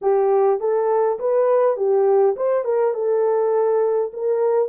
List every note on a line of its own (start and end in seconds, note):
0.01 0.60 G4
0.60 1.18 A4
1.19 1.76 B4
1.76 2.35 G4
2.36 2.64 C5
2.64 2.94 A#4
2.94 4.11 A4
4.13 4.68 A#4